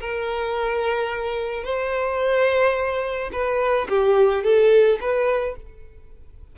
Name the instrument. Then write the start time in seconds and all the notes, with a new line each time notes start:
violin
0.00 A#4
1.64 C5
3.32 B4
3.89 G4
4.43 A4
5.00 B4